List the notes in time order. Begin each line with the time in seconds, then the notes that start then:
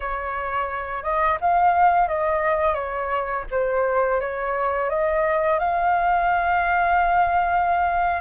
0.00 C#5
1.03 D#5
1.40 F5
2.07 D#5
2.74 C#5
3.50 C5
4.20 C#5
4.89 D#5
5.59 F5